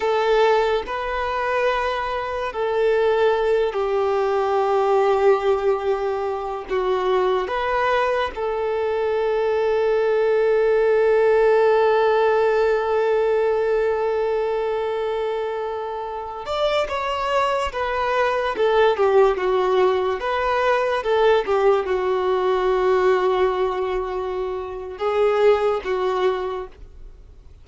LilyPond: \new Staff \with { instrumentName = "violin" } { \time 4/4 \tempo 4 = 72 a'4 b'2 a'4~ | a'8 g'2.~ g'8 | fis'4 b'4 a'2~ | a'1~ |
a'2.~ a'8. d''16~ | d''16 cis''4 b'4 a'8 g'8 fis'8.~ | fis'16 b'4 a'8 g'8 fis'4.~ fis'16~ | fis'2 gis'4 fis'4 | }